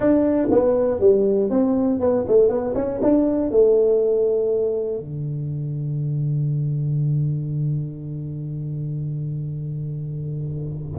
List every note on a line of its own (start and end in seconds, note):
0.00 0.48 D4
0.51 1.00 B3
1.00 1.50 G3
1.50 2.00 C4
2.00 2.25 B3
2.27 2.48 A3
2.48 2.73 B3
2.75 3.00 C#4
3.02 3.50 D4
3.50 4.99 A3
4.99 10.99 D3